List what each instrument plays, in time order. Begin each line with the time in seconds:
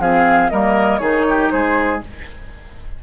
0.00 bassoon F3, clarinet C4, oboe G#4, flute F5
0.50 bassoon G3, clarinet A#3, oboe A#4, flute D#5
0.99 bassoon D#3, clarinet D#4, oboe G#4, flute C#5
1.29 oboe G4
1.51 bassoon G#3, oboe G#4, flute C5